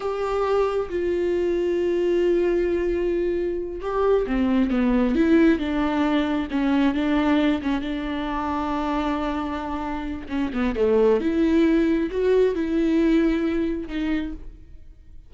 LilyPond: \new Staff \with { instrumentName = "viola" } { \time 4/4 \tempo 4 = 134 g'2 f'2~ | f'1~ | f'8 g'4 c'4 b4 e'8~ | e'8 d'2 cis'4 d'8~ |
d'4 cis'8 d'2~ d'8~ | d'2. cis'8 b8 | a4 e'2 fis'4 | e'2. dis'4 | }